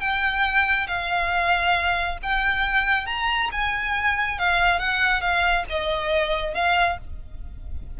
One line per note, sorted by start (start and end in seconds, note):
0.00 0.87 G5
0.87 2.18 F5
2.22 3.06 G5
3.06 3.49 A#5
3.51 4.38 G#5
4.38 4.79 F5
4.79 5.21 F#5
5.21 5.64 F5
5.69 6.54 D#5
6.54 6.97 F5